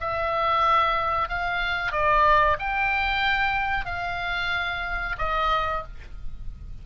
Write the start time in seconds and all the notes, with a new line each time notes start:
0.00 E5
1.28 F5
1.92 D5
2.58 G5
3.85 F5
5.18 D#5